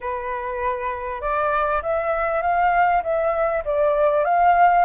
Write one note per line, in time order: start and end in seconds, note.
0.00 1.21 B4
1.21 1.82 D5
1.82 2.42 E5
2.42 3.02 F5
3.03 3.63 E5
3.64 4.24 D5
4.24 4.85 F5